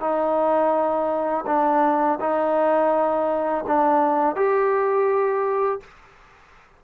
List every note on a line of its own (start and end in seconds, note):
0.00 1.45 D#4
1.46 2.19 D4
2.20 3.64 D#4
3.67 4.35 D4
4.35 5.80 G4